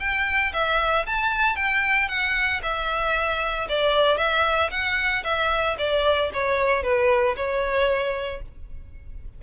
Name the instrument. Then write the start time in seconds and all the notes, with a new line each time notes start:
violin
0.00 G5
0.53 E5
1.06 A5
1.56 G5
2.09 F#5
2.63 E5
3.69 D5
4.18 E5
4.71 F#5
5.24 E5
5.78 D5
6.34 C#5
6.83 B4
7.37 C#5